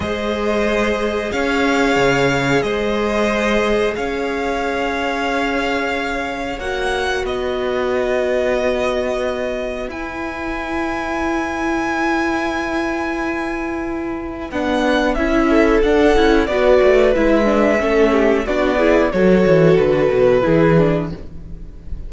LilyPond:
<<
  \new Staff \with { instrumentName = "violin" } { \time 4/4 \tempo 4 = 91 dis''2 f''2 | dis''2 f''2~ | f''2 fis''4 dis''4~ | dis''2. gis''4~ |
gis''1~ | gis''2 fis''4 e''4 | fis''4 d''4 e''2 | d''4 cis''4 b'2 | }
  \new Staff \with { instrumentName = "violin" } { \time 4/4 c''2 cis''2 | c''2 cis''2~ | cis''2. b'4~ | b'1~ |
b'1~ | b'2.~ b'8 a'8~ | a'4 b'2 a'8 g'8 | fis'8 gis'8 a'2 gis'4 | }
  \new Staff \with { instrumentName = "viola" } { \time 4/4 gis'1~ | gis'1~ | gis'2 fis'2~ | fis'2. e'4~ |
e'1~ | e'2 d'4 e'4 | d'8 e'8 fis'4 e'8 d'8 cis'4 | d'8 e'8 fis'2 e'8 d'8 | }
  \new Staff \with { instrumentName = "cello" } { \time 4/4 gis2 cis'4 cis4 | gis2 cis'2~ | cis'2 ais4 b4~ | b2. e'4~ |
e'1~ | e'2 b4 cis'4 | d'8 cis'8 b8 a8 gis4 a4 | b4 fis8 e8 d8 b,8 e4 | }
>>